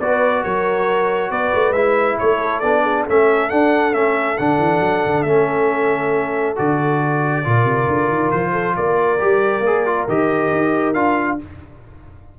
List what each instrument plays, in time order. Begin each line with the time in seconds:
0.00 tuba B3, trombone F#4, horn B4, trumpet D5
0.43 tuba F#3, horn A#4, trumpet C#5
1.31 tuba B3, horn B4, trumpet D5
1.55 tuba A3
1.72 tuba G#3, trombone E4, trumpet E5
2.19 tuba A3, horn A4, trumpet C#5
2.60 tuba B3, trombone D4, trumpet D5
2.83 horn G#4
3.04 tuba A3, trombone C#4, horn A4, trumpet E5
3.50 trombone D4, tuba D4, trumpet F#5
3.93 tuba A3, trombone C#4, trumpet E5
4.38 tuba D3, trombone D4, trumpet F#5
4.59 tuba E3
4.80 tuba F#3
5.06 tuba D3
5.23 tuba A3, trombone C#4, trumpet E5
6.56 tuba D3, trombone F#4, trumpet D5
7.44 tuba A#2, trombone F4, horn A#4
7.65 tuba C3
7.88 tuba D3
8.09 tuba D#3
8.31 tuba F3, trumpet C5
8.53 horn A4
8.77 tuba A#3, horn A#4, trumpet D5
9.19 tuba G3, trombone G4
9.61 tuba A#3, trombone G#4
9.86 trombone F4
10.08 tuba D#3, trombone G4, trumpet D#5
10.51 tuba D#4
10.94 tuba D4, trombone F4, trumpet F5